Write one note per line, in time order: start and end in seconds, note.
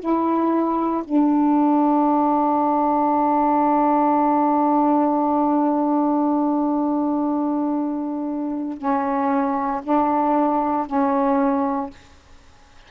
0.00 1.03 E4
1.05 8.78 D4
8.78 9.82 C#4
9.84 10.87 D4
10.87 11.91 C#4